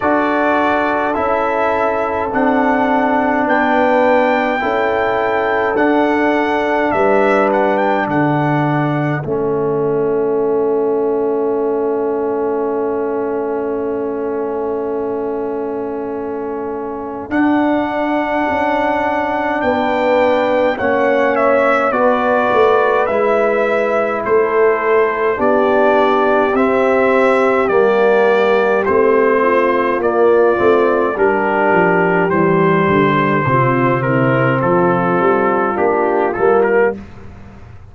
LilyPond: <<
  \new Staff \with { instrumentName = "trumpet" } { \time 4/4 \tempo 4 = 52 d''4 e''4 fis''4 g''4~ | g''4 fis''4 e''8 fis''16 g''16 fis''4 | e''1~ | e''2. fis''4~ |
fis''4 g''4 fis''8 e''8 d''4 | e''4 c''4 d''4 e''4 | d''4 c''4 d''4 ais'4 | c''4. ais'8 a'4 g'8 a'16 ais'16 | }
  \new Staff \with { instrumentName = "horn" } { \time 4/4 a'2. b'4 | a'2 b'4 a'4~ | a'1~ | a'1~ |
a'4 b'4 cis''4 b'4~ | b'4 a'4 g'2~ | g'4. f'4. g'4~ | g'4 f'8 e'8 f'2 | }
  \new Staff \with { instrumentName = "trombone" } { \time 4/4 fis'4 e'4 d'2 | e'4 d'2. | cis'1~ | cis'2. d'4~ |
d'2 cis'4 fis'4 | e'2 d'4 c'4 | ais4 c'4 ais8 c'8 d'4 | g4 c'2 d'8 ais8 | }
  \new Staff \with { instrumentName = "tuba" } { \time 4/4 d'4 cis'4 c'4 b4 | cis'4 d'4 g4 d4 | a1~ | a2. d'4 |
cis'4 b4 ais4 b8 a8 | gis4 a4 b4 c'4 | g4 a4 ais8 a8 g8 f8 | e8 d8 c4 f8 g8 ais8 g8 | }
>>